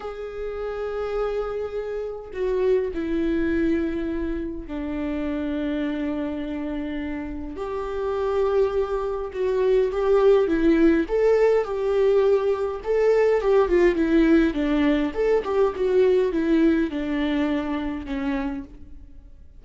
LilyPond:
\new Staff \with { instrumentName = "viola" } { \time 4/4 \tempo 4 = 103 gis'1 | fis'4 e'2. | d'1~ | d'4 g'2. |
fis'4 g'4 e'4 a'4 | g'2 a'4 g'8 f'8 | e'4 d'4 a'8 g'8 fis'4 | e'4 d'2 cis'4 | }